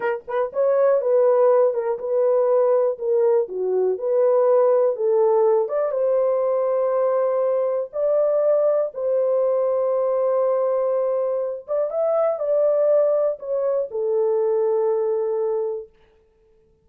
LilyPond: \new Staff \with { instrumentName = "horn" } { \time 4/4 \tempo 4 = 121 ais'8 b'8 cis''4 b'4. ais'8 | b'2 ais'4 fis'4 | b'2 a'4. d''8 | c''1 |
d''2 c''2~ | c''2.~ c''8 d''8 | e''4 d''2 cis''4 | a'1 | }